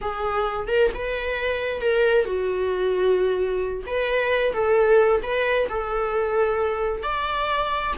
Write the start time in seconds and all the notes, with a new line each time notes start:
0.01 G#4
0.67 A#4
0.94 B4
1.81 A#4
2.25 F#4
3.86 B4
4.53 A4
5.22 B4
5.69 A4
7.02 D5